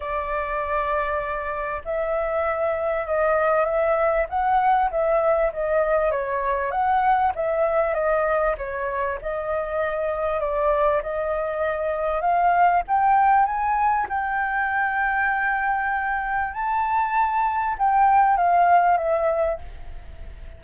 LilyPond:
\new Staff \with { instrumentName = "flute" } { \time 4/4 \tempo 4 = 98 d''2. e''4~ | e''4 dis''4 e''4 fis''4 | e''4 dis''4 cis''4 fis''4 | e''4 dis''4 cis''4 dis''4~ |
dis''4 d''4 dis''2 | f''4 g''4 gis''4 g''4~ | g''2. a''4~ | a''4 g''4 f''4 e''4 | }